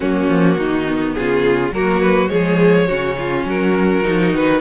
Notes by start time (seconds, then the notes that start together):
0.00 F#3 A#3 C#4 F#4
0.28 F3
0.57 D#3 D#4
0.86 B3
1.14 C#3 F4 G#4
1.71 F#3 A#3 F#4 A#4
2.01 B4
2.28 F3 G#3 G#4 C#5
2.87 C#3 C#4 F#4
3.17 F4
3.44 F#3 F#4 A#4
4.03 F3 D#4
4.33 D#3 B4